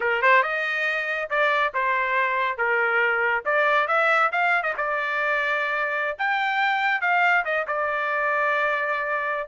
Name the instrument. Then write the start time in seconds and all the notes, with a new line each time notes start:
trumpet
0.00 A#4
0.22 C5
0.42 D#5
1.30 D5
1.74 C5
2.57 A#4
3.45 D5
3.87 E5
4.32 F5
4.62 D#5
4.77 D5
6.18 G5
7.01 F5
7.44 D#5
7.67 D5